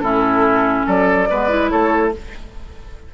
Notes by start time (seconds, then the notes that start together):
0.00 A2 C#4 E4 A4
0.86 F#3 A4 D5
1.30 G#3 B3 B4
1.49 E4
1.70 A3 A4 C#5